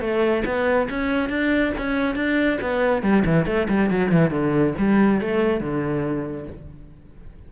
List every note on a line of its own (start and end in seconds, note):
0.00 0.43 A3
0.45 0.88 B3
0.89 1.29 C#4
1.29 1.72 D4
1.77 2.15 C#4
2.15 2.58 D4
2.61 3.02 B3
3.02 3.24 G3
3.26 3.46 E3
3.46 3.67 A3
3.69 3.90 G3
3.90 4.11 F#3
4.11 4.30 E3
4.30 4.73 D3
4.78 5.20 G3
5.20 5.60 A3
5.60 6.46 D3